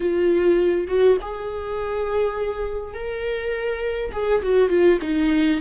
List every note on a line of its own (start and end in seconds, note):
0.00 0.87 F4
0.87 1.17 F#4
1.21 2.94 G#4
2.94 4.11 A#4
4.12 4.41 G#4
4.42 4.69 F#4
4.69 4.98 F4
5.01 5.60 D#4